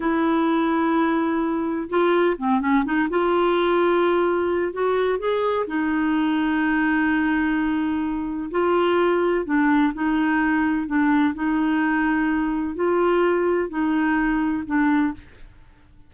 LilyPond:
\new Staff \with { instrumentName = "clarinet" } { \time 4/4 \tempo 4 = 127 e'1 | f'4 c'8 cis'8 dis'8 f'4.~ | f'2 fis'4 gis'4 | dis'1~ |
dis'2 f'2 | d'4 dis'2 d'4 | dis'2. f'4~ | f'4 dis'2 d'4 | }